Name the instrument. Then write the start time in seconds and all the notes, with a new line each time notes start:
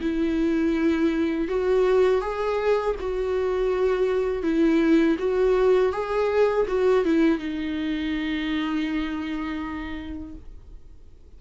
viola
0.00 E4
1.48 F#4
2.21 G#4
2.99 F#4
4.42 E4
5.18 F#4
5.92 G#4
6.67 F#4
7.05 E4
7.38 D#4